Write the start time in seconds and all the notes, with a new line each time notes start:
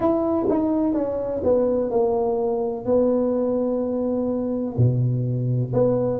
0.00 E4
0.48 D#4
0.94 C#4
1.43 B3
1.90 A#3
2.85 B3
4.77 B2
5.73 B3